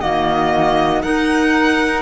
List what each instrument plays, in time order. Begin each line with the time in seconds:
0.00 cello D#3, clarinet A#3, flute F#4, violin D#5
1.02 clarinet D#4, cello D#4, flute A#4, violin F#5